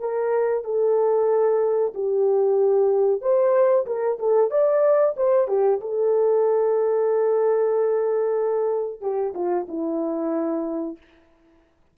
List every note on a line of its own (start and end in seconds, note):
0.00 0.64 A#4
0.64 1.93 A4
1.94 3.21 G4
3.21 3.86 C5
3.86 4.18 A#4
4.19 4.51 A4
4.51 5.15 D5
5.17 5.48 C5
5.48 5.80 G4
5.81 9.01 A4
9.01 9.33 G4
9.34 9.67 F4
9.68 10.97 E4